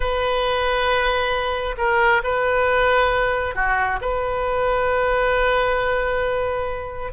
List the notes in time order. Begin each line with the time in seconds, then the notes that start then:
0.00 B4
1.77 A#4
2.23 B4
3.55 F#4
4.01 B4